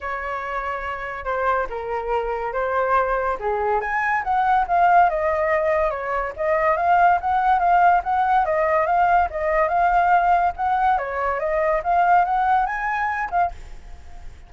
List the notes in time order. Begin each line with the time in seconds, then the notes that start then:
0.00 C#5
1.24 C5
1.69 A#4
2.53 C5
3.39 G#4
3.80 G#5
4.23 F#5
4.67 F5
5.09 D#5
5.90 C#5
6.36 D#5
6.76 F5
7.21 F#5
7.59 F5
8.03 F#5
8.45 D#5
8.86 F5
9.30 D#5
9.68 F5
10.56 F#5
10.98 C#5
11.39 D#5
11.83 F5
12.24 F#5
12.66 G#5
13.30 F5